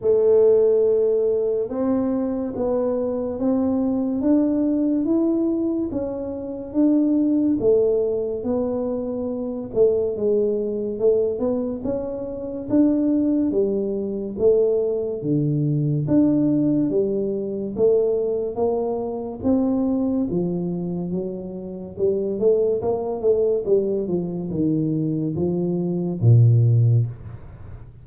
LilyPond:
\new Staff \with { instrumentName = "tuba" } { \time 4/4 \tempo 4 = 71 a2 c'4 b4 | c'4 d'4 e'4 cis'4 | d'4 a4 b4. a8 | gis4 a8 b8 cis'4 d'4 |
g4 a4 d4 d'4 | g4 a4 ais4 c'4 | f4 fis4 g8 a8 ais8 a8 | g8 f8 dis4 f4 ais,4 | }